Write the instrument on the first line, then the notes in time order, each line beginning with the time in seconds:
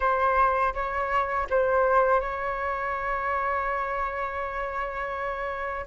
flute
0.00 C5
0.74 C#5
1.50 C5
2.20 C#5